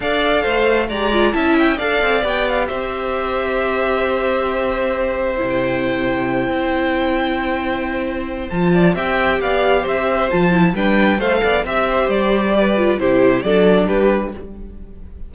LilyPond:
<<
  \new Staff \with { instrumentName = "violin" } { \time 4/4 \tempo 4 = 134 f''2 ais''4 a''8 g''8 | f''4 g''8 f''8 e''2~ | e''1~ | e''16 g''2.~ g''8.~ |
g''2. a''4 | g''4 f''4 e''4 a''4 | g''4 f''4 e''4 d''4~ | d''4 c''4 d''4 b'4 | }
  \new Staff \with { instrumentName = "violin" } { \time 4/4 d''4 c''4 d''4 e''4 | d''2 c''2~ | c''1~ | c''1~ |
c''2.~ c''8 d''8 | e''4 d''4 c''2 | b'4 c''8 d''8 e''8 c''4. | b'4 g'4 a'4 g'4 | }
  \new Staff \with { instrumentName = "viola" } { \time 4/4 a'2 g'8 f'8 e'4 | a'4 g'2.~ | g'1 | e'1~ |
e'2. f'4 | g'2. f'8 e'8 | d'4 a'4 g'2~ | g'8 f'8 e'4 d'2 | }
  \new Staff \with { instrumentName = "cello" } { \time 4/4 d'4 a4 gis4 cis'4 | d'8 c'8 b4 c'2~ | c'1 | c2~ c8 c'4.~ |
c'2. f4 | c'4 b4 c'4 f4 | g4 a8 b8 c'4 g4~ | g4 c4 fis4 g4 | }
>>